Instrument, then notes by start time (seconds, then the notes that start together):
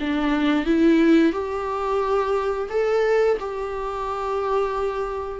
viola
0.00 D4
0.66 E4
1.32 G4
2.69 A4
3.40 G4